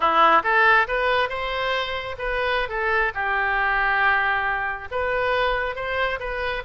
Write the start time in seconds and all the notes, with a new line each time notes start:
0.00 E4
0.43 A4
0.87 B4
1.29 C5
2.18 B4
2.68 A4
3.14 G4
4.91 B4
5.75 C5
6.19 B4